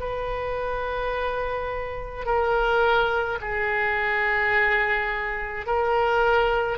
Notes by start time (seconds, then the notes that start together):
0.00 B4
2.26 A#4
3.42 G#4
5.67 A#4